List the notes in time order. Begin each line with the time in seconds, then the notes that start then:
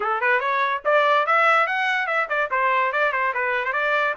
0.00 A4
0.20 B4
0.40 C#5
0.84 D5
1.26 E5
1.66 F#5
2.06 E5
2.29 D5
2.50 C5
2.92 D5
3.12 C5
3.33 B4
3.65 C5
3.72 D5